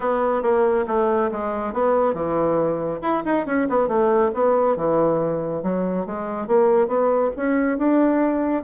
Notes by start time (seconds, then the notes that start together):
0.00 B3
0.42 A#3
0.87 A3
1.31 G#3
1.73 B3
2.13 E3
3.01 E4
3.25 D#4
3.46 C#4
3.69 B3
3.88 A3
4.34 B3
4.76 E3
5.62 F#3
6.06 G#3
6.47 A#3
6.87 B3
7.36 C#4
7.78 D4